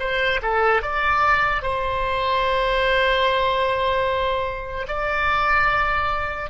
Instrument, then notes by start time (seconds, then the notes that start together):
oboe
0.00 C5
0.43 A4
0.83 D5
1.63 C5
4.88 D5